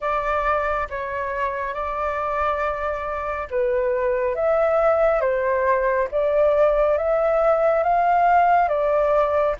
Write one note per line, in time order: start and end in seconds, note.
0.00 0.87 D5
0.89 1.74 C#5
1.74 3.48 D5
3.50 4.35 B4
4.35 5.21 E5
5.21 6.08 C5
6.11 6.97 D5
6.97 7.83 E5
7.83 8.68 F5
8.68 9.55 D5